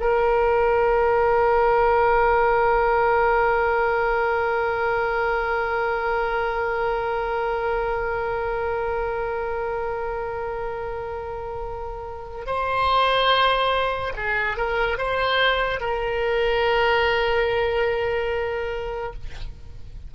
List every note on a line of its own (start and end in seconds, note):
0.00 12.47 A#4
12.47 14.13 C5
14.17 14.57 G#4
14.57 14.98 A#4
14.98 15.80 C5
15.80 19.14 A#4